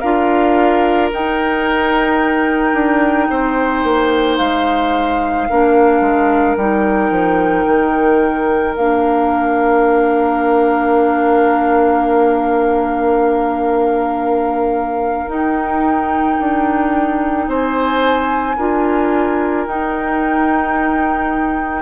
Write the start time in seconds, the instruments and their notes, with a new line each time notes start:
0.00 bassoon D4, clarinet F4, oboe A#4, flute F5
1.12 clarinet D#4, bassoon D#4, flute G5
2.74 bassoon D4
3.30 bassoon C4, oboe C5
3.84 bassoon A#3
4.38 bassoon G#3, flute F5
5.50 bassoon A#3, clarinet D4, oboe A#4
6.01 bassoon G#3
6.57 bassoon G3, clarinet D#4, flute G5
7.11 bassoon F3
7.67 bassoon D#3
8.76 bassoon A#3, clarinet D4, flute F5
15.27 bassoon D#4, clarinet D#4, flute G5
16.40 bassoon D4
17.48 bassoon C4, oboe C5, flute G#5
18.57 bassoon D4, clarinet F4, oboe A#4
19.67 bassoon D#4, clarinet D#4, flute G5